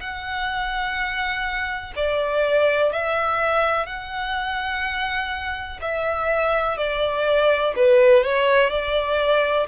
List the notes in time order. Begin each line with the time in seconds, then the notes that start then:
0.00 F#5
1.96 D5
2.92 E5
3.86 F#5
5.82 E5
6.77 D5
7.76 B4
8.24 C#5
8.70 D5